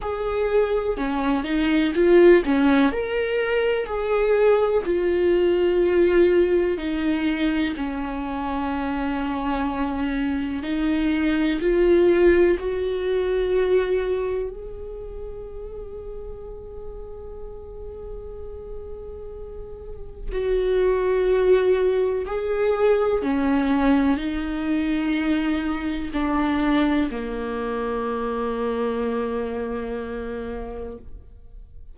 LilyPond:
\new Staff \with { instrumentName = "viola" } { \time 4/4 \tempo 4 = 62 gis'4 cis'8 dis'8 f'8 cis'8 ais'4 | gis'4 f'2 dis'4 | cis'2. dis'4 | f'4 fis'2 gis'4~ |
gis'1~ | gis'4 fis'2 gis'4 | cis'4 dis'2 d'4 | ais1 | }